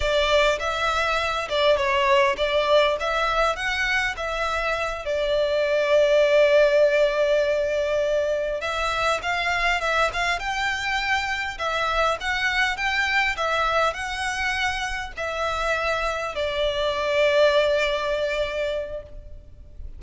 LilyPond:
\new Staff \with { instrumentName = "violin" } { \time 4/4 \tempo 4 = 101 d''4 e''4. d''8 cis''4 | d''4 e''4 fis''4 e''4~ | e''8 d''2.~ d''8~ | d''2~ d''8 e''4 f''8~ |
f''8 e''8 f''8 g''2 e''8~ | e''8 fis''4 g''4 e''4 fis''8~ | fis''4. e''2 d''8~ | d''1 | }